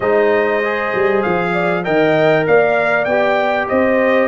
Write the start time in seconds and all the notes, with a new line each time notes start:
0.00 G#3 D#4 C5 D#5
0.63 G#4
0.93 G3
1.22 F3 F5
1.52 D5
1.83 D#3 A#4 D#5 G5
2.46 A#3 D5 F5
3.05 B3 G4 G5
3.68 C4 C5 D#5